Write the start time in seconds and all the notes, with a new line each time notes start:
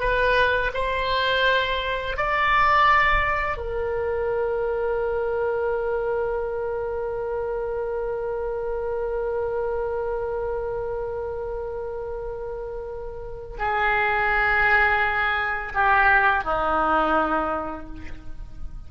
0.00 B4
0.75 C5
2.18 D5
3.57 A#4
13.59 G#4
15.75 G4
16.44 D#4